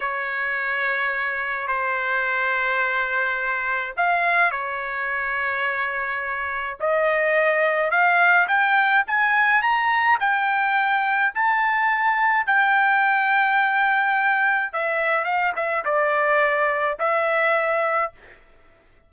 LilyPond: \new Staff \with { instrumentName = "trumpet" } { \time 4/4 \tempo 4 = 106 cis''2. c''4~ | c''2. f''4 | cis''1 | dis''2 f''4 g''4 |
gis''4 ais''4 g''2 | a''2 g''2~ | g''2 e''4 f''8 e''8 | d''2 e''2 | }